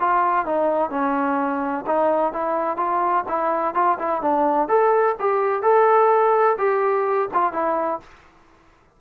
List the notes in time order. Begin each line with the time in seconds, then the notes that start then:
0.00 F4
0.46 D#4
0.90 C#4
1.86 D#4
2.33 E4
2.77 F4
3.28 E4
3.75 F4
3.99 E4
4.22 D4
4.68 A4
5.19 G4
5.62 A4
6.58 G4
7.34 F4
7.53 E4